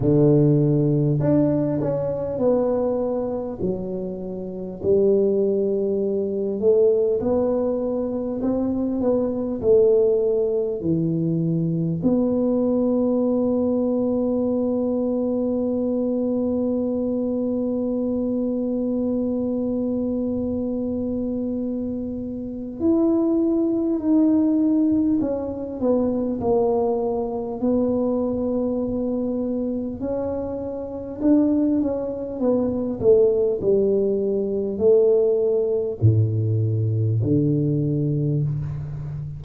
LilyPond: \new Staff \with { instrumentName = "tuba" } { \time 4/4 \tempo 4 = 50 d4 d'8 cis'8 b4 fis4 | g4. a8 b4 c'8 b8 | a4 e4 b2~ | b1~ |
b2. e'4 | dis'4 cis'8 b8 ais4 b4~ | b4 cis'4 d'8 cis'8 b8 a8 | g4 a4 a,4 d4 | }